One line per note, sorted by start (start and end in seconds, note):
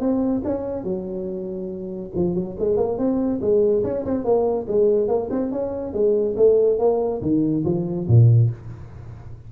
0.00 0.42 C4
0.45 0.84 C#4
0.84 2.11 F#3
2.15 2.35 F3
2.35 2.56 F#3
2.59 2.77 G#3
2.77 2.98 A#3
2.98 3.40 C4
3.41 3.84 G#3
3.84 4.05 C#4
4.05 4.24 C4
4.24 4.67 A#3
4.68 5.08 G#3
5.08 5.30 A#3
5.31 5.52 C4
5.52 5.93 C#4
5.93 6.36 G#3
6.36 6.79 A3
6.79 7.21 A#3
7.22 7.64 D#3
7.65 8.07 F3
8.08 8.50 A#2